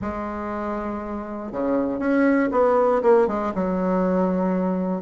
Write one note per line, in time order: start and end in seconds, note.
0.01 1.51 G#3
1.51 1.99 C#3
1.99 2.49 C#4
2.51 3.02 B3
3.02 3.27 A#3
3.27 3.52 G#3
3.55 5.02 F#3